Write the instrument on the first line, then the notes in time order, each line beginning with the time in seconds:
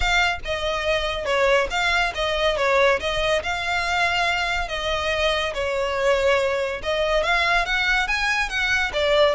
violin
0.00 F5
0.44 D#5
1.25 C#5
1.70 F5
2.15 D#5
2.56 C#5
3.00 D#5
3.43 F5
4.68 D#5
5.54 C#5
6.82 D#5
7.23 F5
7.65 F#5
8.07 G#5
8.49 F#5
8.93 D5